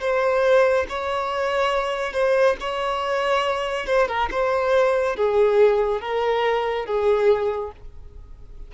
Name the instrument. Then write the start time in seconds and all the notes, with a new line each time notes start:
violin
0.00 C5
0.88 C#5
2.13 C5
2.60 C#5
3.86 C5
4.07 A#4
4.31 C5
5.15 G#4
6.00 A#4
6.85 G#4